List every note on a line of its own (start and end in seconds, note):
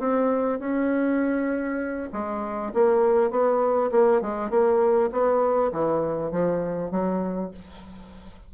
0.00 0.60 C4
0.60 2.10 C#4
2.13 2.73 G#3
2.74 3.31 A#3
3.31 3.91 B3
3.92 4.22 A#3
4.22 4.51 G#3
4.51 5.11 A#3
5.12 5.72 B3
5.72 6.32 E3
6.32 6.92 F3
6.92 7.52 F#3